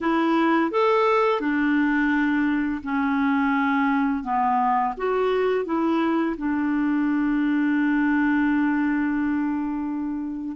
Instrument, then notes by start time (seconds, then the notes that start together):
clarinet
0.00 E4
0.71 A4
1.40 D4
2.83 C#4
4.23 B3
4.97 F#4
5.65 E4
6.37 D4